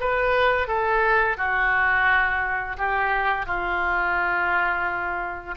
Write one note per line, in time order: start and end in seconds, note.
0.00 0.68 B4
0.68 1.37 A4
1.37 2.77 F#4
2.78 3.46 G4
3.46 5.56 F4